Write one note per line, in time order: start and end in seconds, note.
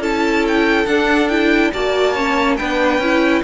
0.00 0.86 C#4
0.00 0.87 E4
0.00 1.72 A4
0.00 0.46 A5
0.48 0.87 G5
0.86 1.72 D4
0.86 1.30 D4
0.86 1.29 F#5
1.29 1.73 E4
1.29 1.71 G5
1.74 2.60 A#3
1.74 2.16 F#4
1.74 2.13 D5
1.74 2.57 A5
2.13 2.59 C#4
2.13 2.56 C#5
2.57 2.99 B3
2.57 3.02 D4
2.57 3.44 B4
2.57 3.42 G5
2.99 3.42 C#4
2.99 3.44 E4